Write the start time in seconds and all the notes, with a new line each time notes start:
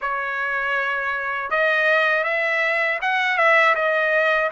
0.01 C#5
1.50 D#5
2.24 E5
3.01 F#5
3.37 E5
3.75 D#5